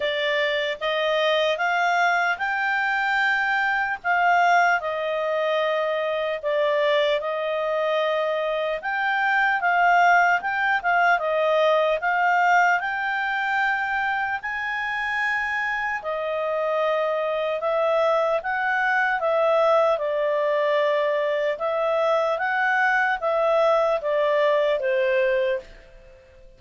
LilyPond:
\new Staff \with { instrumentName = "clarinet" } { \time 4/4 \tempo 4 = 75 d''4 dis''4 f''4 g''4~ | g''4 f''4 dis''2 | d''4 dis''2 g''4 | f''4 g''8 f''8 dis''4 f''4 |
g''2 gis''2 | dis''2 e''4 fis''4 | e''4 d''2 e''4 | fis''4 e''4 d''4 c''4 | }